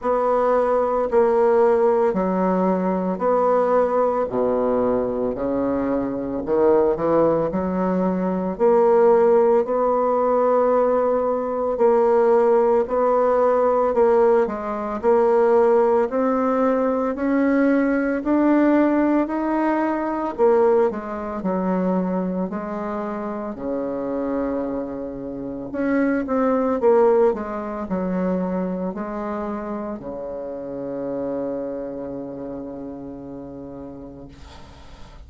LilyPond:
\new Staff \with { instrumentName = "bassoon" } { \time 4/4 \tempo 4 = 56 b4 ais4 fis4 b4 | b,4 cis4 dis8 e8 fis4 | ais4 b2 ais4 | b4 ais8 gis8 ais4 c'4 |
cis'4 d'4 dis'4 ais8 gis8 | fis4 gis4 cis2 | cis'8 c'8 ais8 gis8 fis4 gis4 | cis1 | }